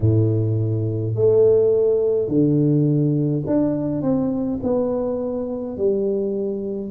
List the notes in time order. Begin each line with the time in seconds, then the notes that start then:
0.00 A2
1.15 A3
2.28 D3
3.46 D4
4.01 C4
4.63 B3
5.77 G3